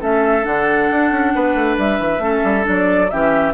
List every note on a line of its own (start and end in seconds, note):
0.00 0.46 A3
0.00 0.43 C#4
0.00 1.33 A4
0.00 0.45 E5
0.43 0.90 D3
0.43 2.20 D4
0.43 1.77 F#5
0.91 1.11 D4
1.11 1.33 C#4
1.35 1.55 B3
1.35 2.23 B4
1.55 1.77 A3
1.78 1.99 G3
1.78 2.67 E5
1.99 2.19 E3
2.19 2.41 A3
2.19 2.63 C#4
2.19 3.11 A4
2.44 2.66 G3
2.63 3.12 F#3
2.63 3.07 D4
2.63 3.10 D5
3.10 3.54 E3
3.10 3.54 C#4
3.10 3.54 G4
3.10 3.54 E5